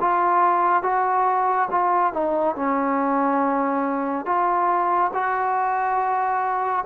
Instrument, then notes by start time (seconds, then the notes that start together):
trombone
0.00 F4
0.83 F#4
1.71 F4
2.13 D#4
2.56 C#4
4.25 F4
5.13 F#4